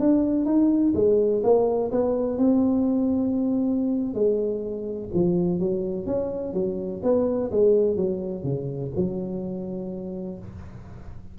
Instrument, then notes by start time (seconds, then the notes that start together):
tuba
0.00 D4
0.46 D#4
0.95 G#3
1.44 A#3
1.92 B3
2.38 C4
4.15 G#3
5.14 F3
5.60 F#3
6.06 C#4
6.54 F#3
7.03 B3
7.51 G#3
7.97 F#3
8.44 C#3
8.96 F#3